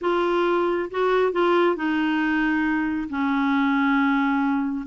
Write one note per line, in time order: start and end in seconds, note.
0.01 0.89 F4
0.90 1.32 F#4
1.32 1.75 F4
1.75 3.08 D#4
3.09 4.85 C#4